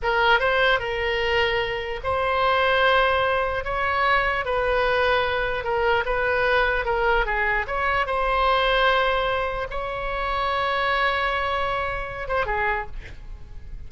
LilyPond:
\new Staff \with { instrumentName = "oboe" } { \time 4/4 \tempo 4 = 149 ais'4 c''4 ais'2~ | ais'4 c''2.~ | c''4 cis''2 b'4~ | b'2 ais'4 b'4~ |
b'4 ais'4 gis'4 cis''4 | c''1 | cis''1~ | cis''2~ cis''8 c''8 gis'4 | }